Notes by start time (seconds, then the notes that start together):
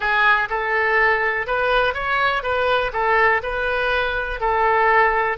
0.00 G#4
0.49 A4
1.46 B4
1.94 C#5
2.42 B4
2.93 A4
3.43 B4
4.40 A4